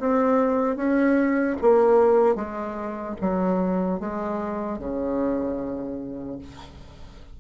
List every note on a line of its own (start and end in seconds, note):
0.00 0.76 C4
0.76 1.56 C#4
1.61 2.36 A#3
2.36 3.16 G#3
3.21 4.00 F#3
4.00 4.79 G#3
4.79 6.39 C#3